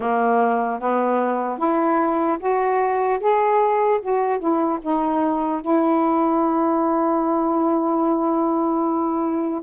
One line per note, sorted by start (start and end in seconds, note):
0.00 0.79 A#3
0.79 1.58 B3
1.58 2.38 E4
2.39 3.19 F#4
3.20 4.00 G#4
4.01 4.39 F#4
4.39 4.79 E4
4.81 5.61 D#4
5.61 9.61 E4